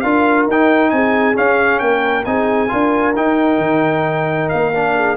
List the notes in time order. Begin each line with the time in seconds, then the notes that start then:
0.00 D4 F4 A#4 F5
0.48 D#4 G5
0.90 C4 G#4 G#5
1.35 C#4 F5
1.79 A#3 A#4 G5
2.25 C4 D#4 G#4 G#5
2.69 D4 F4 A#4
3.16 D#4 G5
3.58 D#3
4.49 A#3 F5
4.74 D4
4.96 G#4